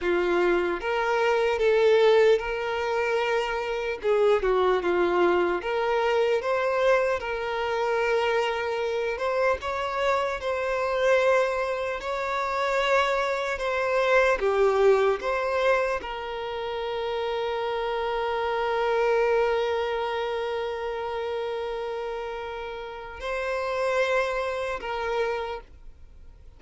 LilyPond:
\new Staff \with { instrumentName = "violin" } { \time 4/4 \tempo 4 = 75 f'4 ais'4 a'4 ais'4~ | ais'4 gis'8 fis'8 f'4 ais'4 | c''4 ais'2~ ais'8 c''8 | cis''4 c''2 cis''4~ |
cis''4 c''4 g'4 c''4 | ais'1~ | ais'1~ | ais'4 c''2 ais'4 | }